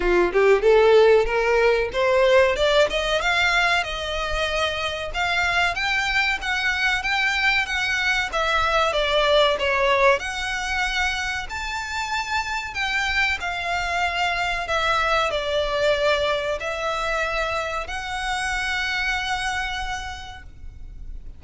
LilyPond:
\new Staff \with { instrumentName = "violin" } { \time 4/4 \tempo 4 = 94 f'8 g'8 a'4 ais'4 c''4 | d''8 dis''8 f''4 dis''2 | f''4 g''4 fis''4 g''4 | fis''4 e''4 d''4 cis''4 |
fis''2 a''2 | g''4 f''2 e''4 | d''2 e''2 | fis''1 | }